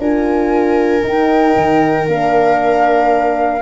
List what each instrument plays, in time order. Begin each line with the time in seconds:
0.00 tuba D4, horn F4, viola A#4, flute G#5
1.04 tuba D#4, horn D#4, flute G5
1.56 tuba D#3
2.07 tuba A#3, horn D4, flute F5